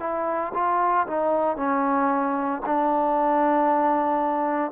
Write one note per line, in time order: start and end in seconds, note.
0.00 0.53 E4
0.54 1.07 F4
1.07 1.57 D#4
1.57 2.62 C#4
2.66 4.72 D4